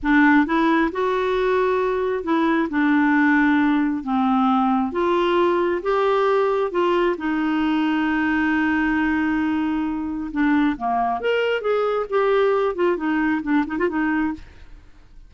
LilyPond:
\new Staff \with { instrumentName = "clarinet" } { \time 4/4 \tempo 4 = 134 d'4 e'4 fis'2~ | fis'4 e'4 d'2~ | d'4 c'2 f'4~ | f'4 g'2 f'4 |
dis'1~ | dis'2. d'4 | ais4 ais'4 gis'4 g'4~ | g'8 f'8 dis'4 d'8 dis'16 f'16 dis'4 | }